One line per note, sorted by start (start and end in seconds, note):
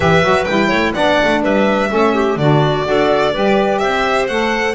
0.00 0.22 E3
0.00 0.22 G4
0.00 0.69 B4
0.00 0.44 E5
0.22 0.46 F#3
0.22 0.46 F#4
0.44 0.70 G3
0.44 0.94 E4
0.44 0.91 G5
0.69 0.94 A3
0.69 0.92 C#5
0.94 1.21 B3
0.94 1.89 D4
0.94 1.42 D5
0.94 1.42 F#5
1.23 1.43 A3
1.42 1.90 G3
1.42 1.90 B4
1.42 2.37 E5
1.89 2.36 A3
1.89 2.37 C#4
1.89 2.14 A4
2.14 2.37 G4
2.36 2.84 D3
2.36 2.84 D4
2.36 2.87 F#4
2.36 3.78 D5
2.84 3.34 D4
2.84 3.32 F#4
2.84 3.33 A4
3.33 3.81 G3
3.33 4.29 G4
3.33 3.80 B4
3.78 4.29 C4
3.78 4.74 C5
3.78 4.26 E5
4.27 4.74 A3
4.27 4.74 A4
4.27 4.74 F#5